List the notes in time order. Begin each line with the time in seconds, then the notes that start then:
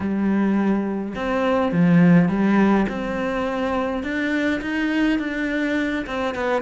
0.00 G3
1.15 C4
1.72 F3
2.28 G3
2.88 C4
4.03 D4
4.61 D#4
5.18 D4
6.06 C4
6.35 B3